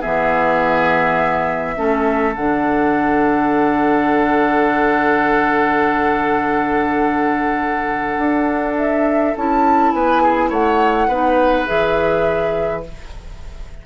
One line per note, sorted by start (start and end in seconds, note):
0.00 1.77 E3
0.00 1.75 B3
0.00 1.75 G#4
0.00 2.34 E5
1.75 2.35 A3
1.75 2.33 C#4
1.75 9.93 A4
2.35 8.17 D3
2.35 9.36 D4
2.35 8.75 F#5
8.17 9.34 D4
8.77 9.35 E5
9.36 9.93 C#4
9.36 11.10 E4
9.36 9.92 A5
9.92 10.50 B3
9.92 10.22 B4
9.92 10.50 G#5
10.22 10.49 G#4
10.49 11.07 A3
10.49 11.07 C#5
10.49 11.66 F#5
11.07 11.66 B3
11.07 11.66 D#4
11.07 12.82 B4
11.66 12.86 E3
11.66 12.83 G#4
11.66 12.82 E5